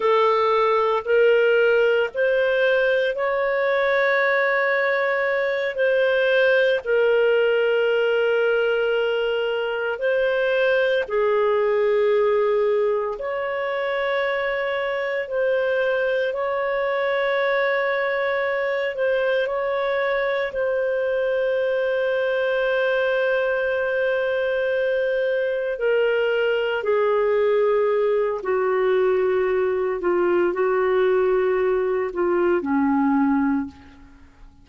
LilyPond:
\new Staff \with { instrumentName = "clarinet" } { \time 4/4 \tempo 4 = 57 a'4 ais'4 c''4 cis''4~ | cis''4. c''4 ais'4.~ | ais'4. c''4 gis'4.~ | gis'8 cis''2 c''4 cis''8~ |
cis''2 c''8 cis''4 c''8~ | c''1~ | c''8 ais'4 gis'4. fis'4~ | fis'8 f'8 fis'4. f'8 cis'4 | }